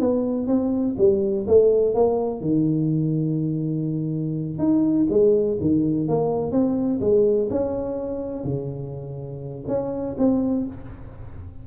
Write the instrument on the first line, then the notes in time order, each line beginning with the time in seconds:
tuba
0.00 B3
0.48 C4
0.98 G3
1.47 A3
1.95 A#3
2.41 D#3
4.59 D#4
5.10 G#3
5.60 D#3
6.08 A#3
6.52 C4
7.01 G#3
7.50 C#4
8.44 C#3
9.68 C#4
10.18 C4